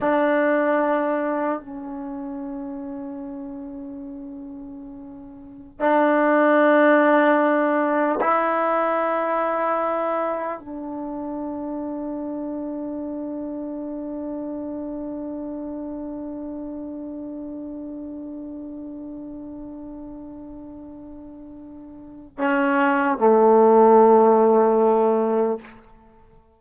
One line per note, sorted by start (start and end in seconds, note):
0.00 1.60 D4
1.60 5.79 C#4
5.79 8.19 D4
8.20 10.59 E4
10.59 22.38 D4
22.38 23.18 C#4
23.18 25.58 A3